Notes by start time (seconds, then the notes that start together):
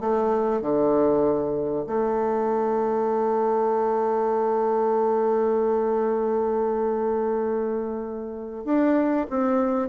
0.00 A3
0.61 D3
1.86 A3
8.64 D4
9.30 C4